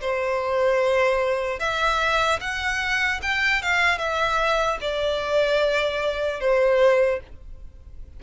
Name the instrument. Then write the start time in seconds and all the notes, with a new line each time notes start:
violin
0.00 C5
1.59 E5
2.40 F#5
3.22 G5
3.62 F5
3.98 E5
4.81 D5
6.40 C5